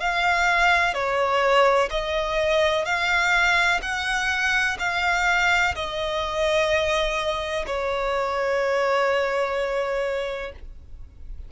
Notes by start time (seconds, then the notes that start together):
0.00 F5
0.94 C#5
1.90 D#5
2.85 F5
3.81 F#5
4.79 F5
5.75 D#5
7.66 C#5